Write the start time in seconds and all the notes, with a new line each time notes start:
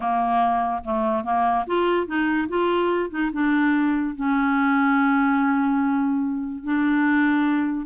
0.00 A#3
0.84 A3
1.23 A#3
1.66 F4
2.06 D#4
2.48 F4
3.10 D#4
3.32 D4
4.15 C#4
6.63 D4